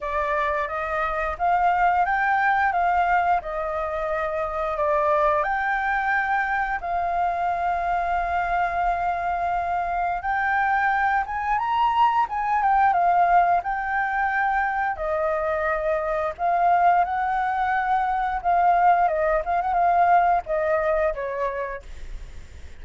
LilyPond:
\new Staff \with { instrumentName = "flute" } { \time 4/4 \tempo 4 = 88 d''4 dis''4 f''4 g''4 | f''4 dis''2 d''4 | g''2 f''2~ | f''2. g''4~ |
g''8 gis''8 ais''4 gis''8 g''8 f''4 | g''2 dis''2 | f''4 fis''2 f''4 | dis''8 f''16 fis''16 f''4 dis''4 cis''4 | }